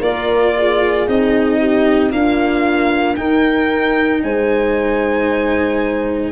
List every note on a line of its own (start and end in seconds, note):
0.00 1.07 A#3
0.00 1.07 F4
0.00 0.53 A#4
0.00 1.08 D5
0.57 1.60 G#4
1.07 2.13 C4
1.07 2.11 D#4
1.07 2.12 D#5
1.60 2.12 G4
2.11 3.16 A#3
2.11 3.18 D4
2.11 3.17 F4
2.11 3.16 F5
3.16 6.32 D#4
3.16 4.24 D#4
3.16 4.22 A#4
3.16 4.21 G5
4.24 6.32 G#3
4.24 6.32 C5
4.24 6.32 G#5